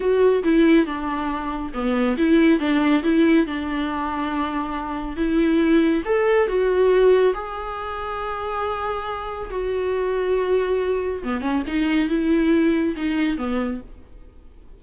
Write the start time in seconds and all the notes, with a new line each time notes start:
0.00 F#4
0.43 E4
0.86 D4
1.73 B3
2.17 E4
2.59 D4
3.03 E4
3.46 D4
5.16 E4
6.05 A4
6.47 F#4
7.34 G#4
9.50 F#4
11.23 B3
11.41 C#4
11.67 D#4
12.08 E4
12.96 D#4
13.37 B3